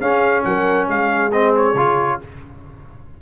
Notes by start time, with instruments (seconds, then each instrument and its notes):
0.00 tuba C#4, trombone C#4, horn G#4, trumpet F5
0.44 tuba F#3, horn A#4, trumpet F#5
0.88 tuba G#3, horn G#4, trumpet F5
1.32 trombone C4, trumpet D#5
1.56 trumpet C#5
1.74 tuba C#3, trombone F4